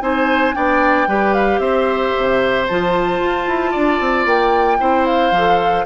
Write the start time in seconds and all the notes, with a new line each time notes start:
0.00 C4 D#4 C5 G#5
0.53 B3 D4 D5 G5
1.07 G3 G4 B4
1.33 F5
1.59 C4 C5 E5
2.17 C3
2.67 F3 F4 A5
3.19 F4
3.46 E4
3.71 D4 D5
3.99 C4
4.25 A#3 G5
4.79 C4 E4 C5
5.05 F5
5.31 F3 A4